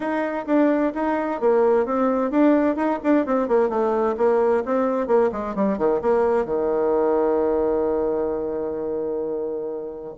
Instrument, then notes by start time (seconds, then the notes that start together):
bassoon
0.00 D#4
0.46 D4
0.94 D#4
1.40 A#3
1.85 C4
2.30 D4
2.76 D#4
3.03 D4
3.26 C4
3.48 A#3
3.69 A3
4.17 A#3
4.65 C4
5.07 A#3
5.32 G#3
5.55 G3
5.77 D#3
6.01 A#3
6.45 D#3